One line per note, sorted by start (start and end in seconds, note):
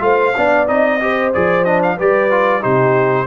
0.00 0.34 A3
0.00 0.33 F4
0.00 0.36 C5
0.00 0.68 F5
0.36 0.69 B3
0.36 0.67 D4
0.36 1.02 D5
0.67 1.34 C4
0.67 1.00 D#4
0.67 1.33 D#5
1.00 1.33 G4
1.00 1.97 C5
1.34 1.99 F3
1.34 1.65 G#4
1.34 1.65 D5
1.65 1.98 D4
1.65 1.81 D#5
1.83 1.99 F5
1.97 2.65 G3
1.97 2.31 G4
1.97 2.61 B4
1.97 2.62 D5
2.31 2.61 F4
2.61 3.27 C3
2.61 3.26 D#4
2.61 3.26 G4
2.61 3.27 C5